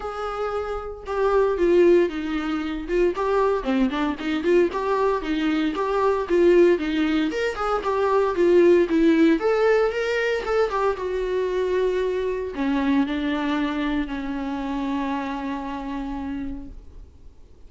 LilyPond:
\new Staff \with { instrumentName = "viola" } { \time 4/4 \tempo 4 = 115 gis'2 g'4 f'4 | dis'4. f'8 g'4 c'8 d'8 | dis'8 f'8 g'4 dis'4 g'4 | f'4 dis'4 ais'8 gis'8 g'4 |
f'4 e'4 a'4 ais'4 | a'8 g'8 fis'2. | cis'4 d'2 cis'4~ | cis'1 | }